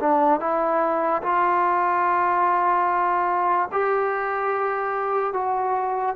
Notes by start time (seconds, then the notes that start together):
0.00 D4
0.40 E4
1.23 F4
3.72 G4
5.34 F#4